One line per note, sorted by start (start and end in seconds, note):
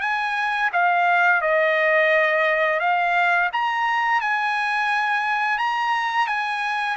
0.00 0.70 G#5
0.72 1.41 F5
1.41 2.79 D#5
2.79 3.49 F5
3.52 4.21 A#5
4.21 5.58 G#5
5.58 6.27 A#5
6.27 6.96 G#5